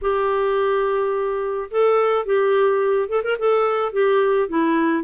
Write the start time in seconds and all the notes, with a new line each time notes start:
0.01 G4
1.70 A4
2.25 G4
3.08 A4
3.23 A#4
3.38 A4
3.92 G4
4.48 E4